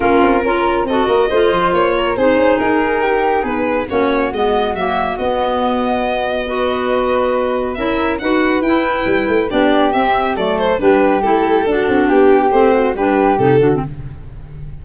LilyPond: <<
  \new Staff \with { instrumentName = "violin" } { \time 4/4 \tempo 4 = 139 ais'2 dis''2 | cis''4 c''4 ais'2 | b'4 cis''4 dis''4 e''4 | dis''1~ |
dis''2 e''4 fis''4 | g''2 d''4 e''4 | d''8 c''8 b'4 a'2 | g'4 c''4 b'4 a'4 | }
  \new Staff \with { instrumentName = "flute" } { \time 4/4 f'4 ais'4 a'8 ais'8 c''4~ | c''8 ais'8 gis'2 g'4 | gis'4 fis'2.~ | fis'2. b'4~ |
b'2 ais'4 b'4~ | b'2 g'2 | a'4 g'2 fis'4 | g'4. fis'8 g'4. fis'8 | }
  \new Staff \with { instrumentName = "clarinet" } { \time 4/4 cis'4 f'4 fis'4 f'4~ | f'4 dis'2.~ | dis'4 cis'4 b4 ais4 | b2. fis'4~ |
fis'2 e'4 fis'4 | e'2 d'4 c'4 | a4 d'4 e'4 d'4~ | d'4 c'4 d'4 dis'8 d'16 c'16 | }
  \new Staff \with { instrumentName = "tuba" } { \time 4/4 ais8 c'8 cis'4 c'8 ais8 a8 f8 | ais4 c'8 cis'8 dis'2 | b4 ais4 gis4 fis4 | b1~ |
b2 cis'4 dis'4 | e'4 g8 a8 b4 c'4 | fis4 g4 a4 d'8 c'8 | b4 a4 g4 c8 d8 | }
>>